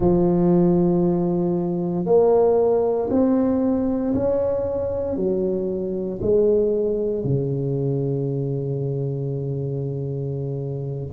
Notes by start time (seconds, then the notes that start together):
0.00 F3
2.05 A#3
3.10 C4
4.14 C#4
5.16 F#3
6.21 G#3
7.24 C#3